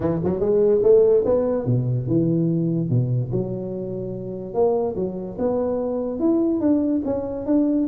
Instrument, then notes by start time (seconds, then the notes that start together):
tuba
0.00 E3
0.24 F#3
0.40 G#3
0.82 A3
1.25 B3
1.65 B2
2.07 E3
2.89 B2
3.31 F#3
4.53 A#3
4.95 F#3
5.38 B3
6.19 E4
6.60 D4
7.04 C#4
7.46 D4